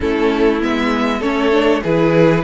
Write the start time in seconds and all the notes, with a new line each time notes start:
0.00 A3 C#4 E4 A4
0.60 G#3 B3 E5
1.19 A3 C#4 A4 C#5
1.51 D4
1.82 E3 E4 G#4 B4